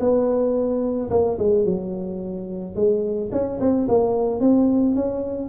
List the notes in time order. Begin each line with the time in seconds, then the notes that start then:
0.00 B3
1.11 A#3
1.39 G#3
1.66 F#3
2.76 G#3
3.32 C#4
3.61 C4
3.89 A#3
4.41 C4
4.96 C#4